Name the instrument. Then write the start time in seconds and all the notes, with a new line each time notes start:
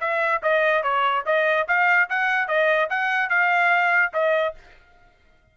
trumpet
0.00 E5
0.43 D#5
0.83 C#5
1.26 D#5
1.68 F5
2.09 F#5
2.48 D#5
2.90 F#5
3.29 F5
4.13 D#5